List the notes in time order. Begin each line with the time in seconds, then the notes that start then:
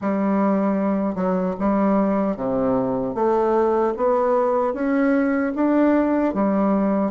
0.01 G3
1.15 F#3
1.59 G3
2.36 C3
3.14 A3
3.96 B3
4.73 C#4
5.55 D4
6.34 G3